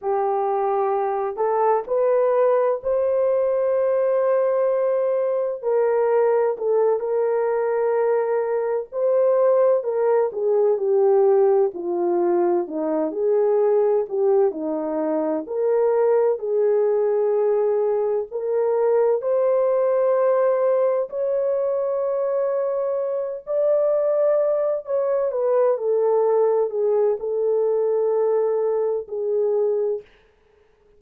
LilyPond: \new Staff \with { instrumentName = "horn" } { \time 4/4 \tempo 4 = 64 g'4. a'8 b'4 c''4~ | c''2 ais'4 a'8 ais'8~ | ais'4. c''4 ais'8 gis'8 g'8~ | g'8 f'4 dis'8 gis'4 g'8 dis'8~ |
dis'8 ais'4 gis'2 ais'8~ | ais'8 c''2 cis''4.~ | cis''4 d''4. cis''8 b'8 a'8~ | a'8 gis'8 a'2 gis'4 | }